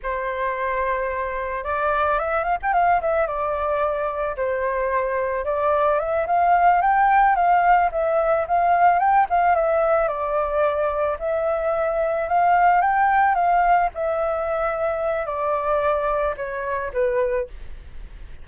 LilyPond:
\new Staff \with { instrumentName = "flute" } { \time 4/4 \tempo 4 = 110 c''2. d''4 | e''8 f''16 g''16 f''8 e''8 d''2 | c''2 d''4 e''8 f''8~ | f''8 g''4 f''4 e''4 f''8~ |
f''8 g''8 f''8 e''4 d''4.~ | d''8 e''2 f''4 g''8~ | g''8 f''4 e''2~ e''8 | d''2 cis''4 b'4 | }